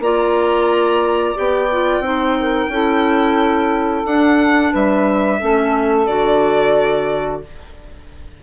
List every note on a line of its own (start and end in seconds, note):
0.00 1.35 A#3
0.00 1.35 F4
0.00 2.05 D5
0.00 1.38 A#5
1.35 2.00 B3
1.35 1.69 G4
1.35 4.06 G5
1.72 2.03 F4
2.00 2.67 C4
2.00 2.71 D#4
2.00 2.39 C5
2.40 2.71 A#4
2.69 4.04 C#4
2.69 4.06 E4
2.69 4.72 A4
4.05 4.73 D4
4.05 5.40 D4
4.05 4.73 F#5
4.72 5.42 G3
4.72 5.39 B4
4.72 6.07 E5
5.39 6.08 A3
5.39 6.08 C#4
5.39 7.42 A4
6.07 7.43 D3
6.07 7.43 F#4
6.07 7.42 D5